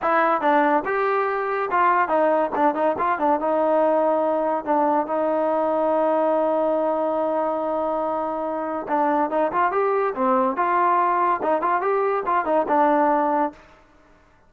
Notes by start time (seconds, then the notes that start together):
0.02 E4
0.41 D4
0.85 G4
1.70 F4
2.08 D#4
2.55 D4
2.74 D#4
2.98 F4
3.18 D4
3.39 D#4
4.64 D4
5.06 D#4
8.88 D4
9.30 D#4
9.52 F4
9.71 G4
10.14 C4
10.56 F4
11.42 D#4
11.61 F4
11.81 G4
12.26 F4
12.45 D#4
12.67 D4